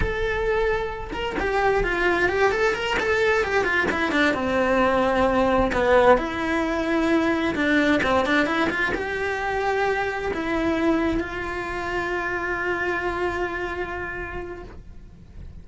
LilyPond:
\new Staff \with { instrumentName = "cello" } { \time 4/4 \tempo 4 = 131 a'2~ a'8 ais'8 g'4 | f'4 g'8 a'8 ais'8 a'4 g'8 | f'8 e'8 d'8 c'2~ c'8~ | c'8 b4 e'2~ e'8~ |
e'8 d'4 c'8 d'8 e'8 f'8 g'8~ | g'2~ g'8 e'4.~ | e'8 f'2.~ f'8~ | f'1 | }